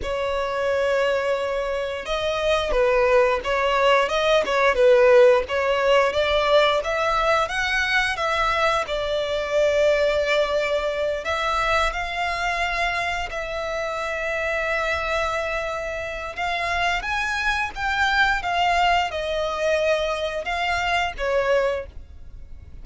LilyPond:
\new Staff \with { instrumentName = "violin" } { \time 4/4 \tempo 4 = 88 cis''2. dis''4 | b'4 cis''4 dis''8 cis''8 b'4 | cis''4 d''4 e''4 fis''4 | e''4 d''2.~ |
d''8 e''4 f''2 e''8~ | e''1 | f''4 gis''4 g''4 f''4 | dis''2 f''4 cis''4 | }